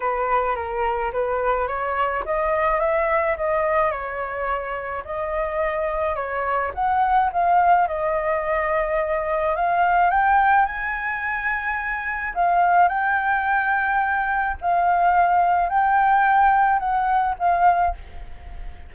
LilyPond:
\new Staff \with { instrumentName = "flute" } { \time 4/4 \tempo 4 = 107 b'4 ais'4 b'4 cis''4 | dis''4 e''4 dis''4 cis''4~ | cis''4 dis''2 cis''4 | fis''4 f''4 dis''2~ |
dis''4 f''4 g''4 gis''4~ | gis''2 f''4 g''4~ | g''2 f''2 | g''2 fis''4 f''4 | }